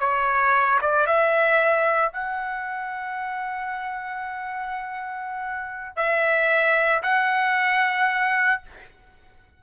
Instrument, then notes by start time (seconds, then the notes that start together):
trumpet
0.00 C#5
0.82 D5
1.07 E5
2.13 F#5
5.96 E5
7.03 F#5